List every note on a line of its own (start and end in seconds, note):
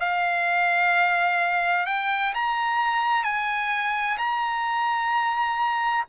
0.00 1.87 F5
1.87 2.34 G5
2.35 3.24 A#5
3.24 4.18 G#5
4.18 6.06 A#5